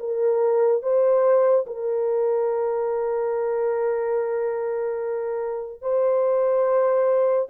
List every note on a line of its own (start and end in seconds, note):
0.00 0.83 A#4
0.83 1.66 C5
1.67 5.82 A#4
5.82 7.48 C5